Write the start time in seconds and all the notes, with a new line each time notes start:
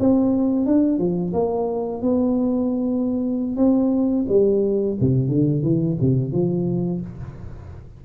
0.00 C4
0.66 D4
0.98 F3
1.33 A#3
2.02 B3
3.57 C4
4.29 G3
5.01 C3
5.29 D3
5.63 E3
6.01 C3
6.32 F3